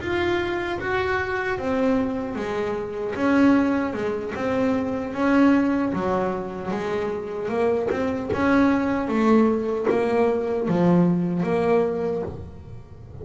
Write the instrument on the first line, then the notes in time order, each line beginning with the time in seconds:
double bass
0.00 F4
0.80 F#4
1.58 C4
2.35 G#3
3.15 C#4
3.93 G#3
4.35 C4
5.13 C#4
5.93 F#3
6.71 G#3
7.49 A#3
7.90 C4
8.33 C#4
9.08 A3
9.90 A#3
10.68 F3
11.43 A#3